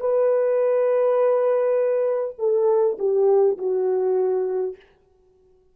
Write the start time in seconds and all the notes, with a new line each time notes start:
0.00 B4
2.39 A4
2.99 G4
3.58 F#4